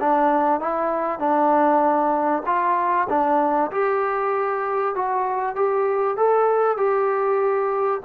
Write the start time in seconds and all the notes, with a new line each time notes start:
0.00 D4
0.60 E4
1.19 D4
2.46 F4
3.09 D4
3.71 G4
4.95 F#4
5.56 G4
6.17 A4
6.77 G4